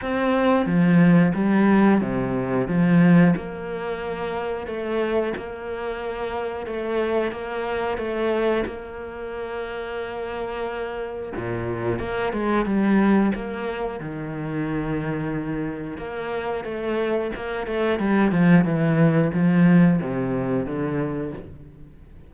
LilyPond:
\new Staff \with { instrumentName = "cello" } { \time 4/4 \tempo 4 = 90 c'4 f4 g4 c4 | f4 ais2 a4 | ais2 a4 ais4 | a4 ais2.~ |
ais4 ais,4 ais8 gis8 g4 | ais4 dis2. | ais4 a4 ais8 a8 g8 f8 | e4 f4 c4 d4 | }